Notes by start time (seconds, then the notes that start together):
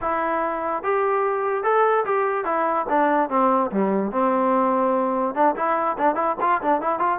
0.01 E4
0.83 G4
1.63 A4
2.05 G4
2.45 E4
2.89 D4
3.29 C4
3.71 G3
4.11 C4
5.34 D4
5.56 E4
5.98 D4
6.15 E4
6.40 F4
6.61 D4
6.81 E4
6.99 F4